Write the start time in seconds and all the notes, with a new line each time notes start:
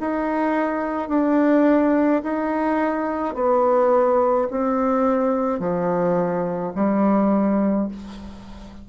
0.00 D#4
1.09 D4
2.23 D#4
3.34 B3
4.50 C4
5.59 F3
6.75 G3